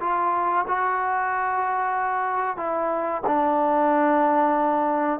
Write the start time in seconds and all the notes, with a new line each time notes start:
0.00 F4
0.68 F#4
2.57 E4
3.27 D4